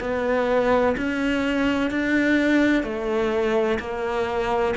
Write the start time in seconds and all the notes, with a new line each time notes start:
0.00 B3
0.97 C#4
1.90 D4
2.83 A3
3.79 A#3